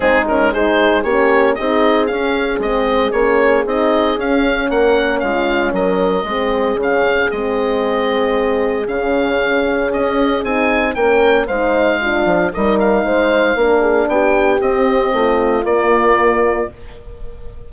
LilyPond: <<
  \new Staff \with { instrumentName = "oboe" } { \time 4/4 \tempo 4 = 115 gis'8 ais'8 c''4 cis''4 dis''4 | f''4 dis''4 cis''4 dis''4 | f''4 fis''4 f''4 dis''4~ | dis''4 f''4 dis''2~ |
dis''4 f''2 dis''4 | gis''4 g''4 f''2 | dis''8 f''2~ f''8 g''4 | dis''2 d''2 | }
  \new Staff \with { instrumentName = "horn" } { \time 4/4 dis'4 gis'4 g'4 gis'4~ | gis'1~ | gis'4 ais'4 f'4 ais'4 | gis'1~ |
gis'1~ | gis'4 ais'4 c''4 f'4 | ais'4 c''4 ais'8 gis'8 g'4~ | g'4 f'2. | }
  \new Staff \with { instrumentName = "horn" } { \time 4/4 c'8 cis'8 dis'4 cis'4 dis'4 | cis'4 c'4 cis'4 dis'4 | cis'1 | c'4 cis'4 c'2~ |
c'4 cis'2. | dis'4 cis'4 dis'4 d'4 | dis'2 d'2 | c'2 ais2 | }
  \new Staff \with { instrumentName = "bassoon" } { \time 4/4 gis2 ais4 c'4 | cis'4 gis4 ais4 c'4 | cis'4 ais4 gis4 fis4 | gis4 cis4 gis2~ |
gis4 cis2 cis'4 | c'4 ais4 gis4. f8 | g4 gis4 ais4 b4 | c'4 a4 ais2 | }
>>